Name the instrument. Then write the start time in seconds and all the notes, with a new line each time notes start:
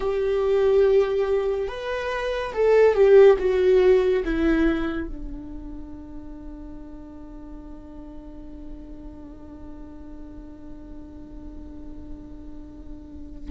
viola
0.00 G4
1.68 B4
2.53 A4
2.94 G4
3.38 F#4
4.24 E4
5.07 D4